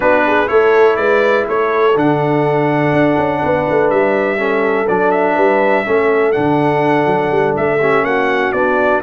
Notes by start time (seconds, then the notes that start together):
0.00 B3 D4 F#4 B4
0.26 G#4
0.46 A3 E4 A4 C#5
0.96 G#3 B4 D5
1.48 A3 A4 C#5
1.95 D3 D4 F#5
2.92 D4
3.17 C#4
3.40 B3 B4
3.69 A3
3.89 G3 E5
4.38 C#4 A4
4.87 F#3 D4 D5
5.11 E5
5.34 G3 B4
5.85 A3 C#4 A4
6.32 D3 D4 F#5
7.06 F#3
7.31 G3
7.56 A3 E5
7.79 C#4 G4
8.03 A#3 F#4 F#5
8.52 B3 D4 D5